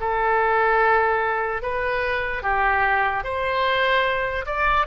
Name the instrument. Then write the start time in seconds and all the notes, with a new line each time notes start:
oboe
0.00 A4
1.62 B4
2.43 G4
3.24 C5
4.46 D5